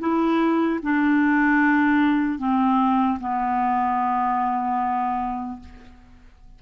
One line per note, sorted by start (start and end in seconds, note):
0.00 0.80 E4
0.83 2.39 D4
2.39 3.19 C4
3.20 5.60 B3